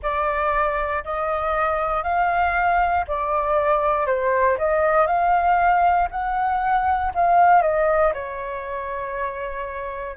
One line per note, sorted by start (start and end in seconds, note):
0.02 1.04 D5
1.04 2.03 D#5
2.03 3.05 F5
3.07 4.06 D5
4.06 4.57 C5
4.58 5.06 D#5
5.06 6.08 F5
6.10 7.12 F#5
7.14 7.61 F5
7.61 8.12 D#5
8.14 10.16 C#5